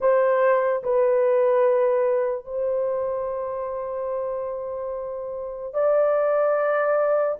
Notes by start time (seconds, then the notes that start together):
0.00 C5
0.83 B4
2.44 C5
5.73 D5